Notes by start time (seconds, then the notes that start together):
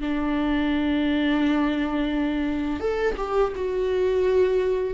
0.00 D4
2.79 A4
3.17 G4
3.55 F#4